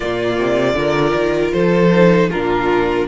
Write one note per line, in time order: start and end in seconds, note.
0.00 0.38 A#2
0.00 0.74 A#3
0.00 0.75 F4
0.00 1.51 D5
0.38 0.74 C3
0.74 1.12 D3
0.74 1.90 F4
0.74 1.53 A#4
1.14 1.53 D#3
1.52 2.31 F3
1.52 2.30 A4
1.52 2.29 C5
1.92 2.31 D#4
2.30 3.07 A#2
2.30 3.07 D4
2.30 3.07 F4
2.30 3.07 A#4